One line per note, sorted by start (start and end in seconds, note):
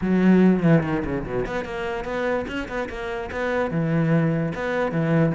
0.01 0.63 F#3
0.63 0.83 E3
0.83 1.03 D#3
1.05 1.25 C#3
1.26 1.46 B2
1.46 1.65 B3
1.65 2.04 A#3
2.04 2.45 B3
2.47 2.68 C#4
2.68 2.89 B3
2.89 3.30 A#3
3.31 3.70 B3
3.70 4.52 E3
4.54 4.91 B3
4.91 5.32 E3